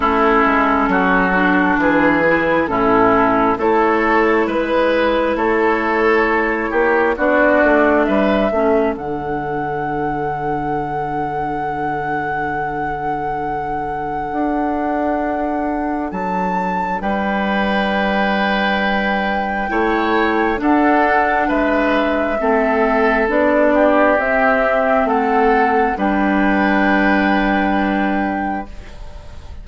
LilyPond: <<
  \new Staff \with { instrumentName = "flute" } { \time 4/4 \tempo 4 = 67 a'2 b'4 a'4 | cis''4 b'4 cis''2 | d''4 e''4 fis''2~ | fis''1~ |
fis''2 a''4 g''4~ | g''2. fis''4 | e''2 d''4 e''4 | fis''4 g''2. | }
  \new Staff \with { instrumentName = "oboe" } { \time 4/4 e'4 fis'4 gis'4 e'4 | a'4 b'4 a'4. g'8 | fis'4 b'8 a'2~ a'8~ | a'1~ |
a'2. b'4~ | b'2 cis''4 a'4 | b'4 a'4. g'4. | a'4 b'2. | }
  \new Staff \with { instrumentName = "clarinet" } { \time 4/4 cis'4. d'4 e'8 cis'4 | e'1 | d'4. cis'8 d'2~ | d'1~ |
d'1~ | d'2 e'4 d'4~ | d'4 c'4 d'4 c'4~ | c'4 d'2. | }
  \new Staff \with { instrumentName = "bassoon" } { \time 4/4 a8 gis8 fis4 e4 a,4 | a4 gis4 a4. ais8 | b8 a8 g8 a8 d2~ | d1 |
d'2 fis4 g4~ | g2 a4 d'4 | gis4 a4 b4 c'4 | a4 g2. | }
>>